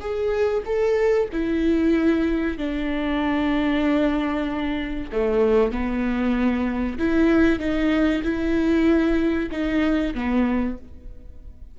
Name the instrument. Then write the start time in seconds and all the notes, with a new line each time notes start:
viola
0.00 G#4
0.65 A4
1.32 E4
2.57 D4
5.12 A3
5.71 B3
6.98 E4
7.59 D#4
8.23 E4
9.51 D#4
10.14 B3